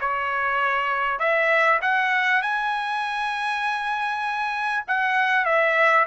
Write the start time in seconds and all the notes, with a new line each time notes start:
0.00 C#5
1.19 E5
1.81 F#5
2.42 G#5
4.87 F#5
5.45 E5